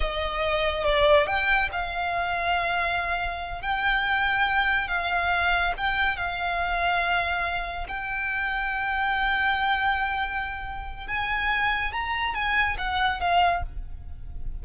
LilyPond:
\new Staff \with { instrumentName = "violin" } { \time 4/4 \tempo 4 = 141 dis''2 d''4 g''4 | f''1~ | f''8 g''2. f''8~ | f''4. g''4 f''4.~ |
f''2~ f''8 g''4.~ | g''1~ | g''2 gis''2 | ais''4 gis''4 fis''4 f''4 | }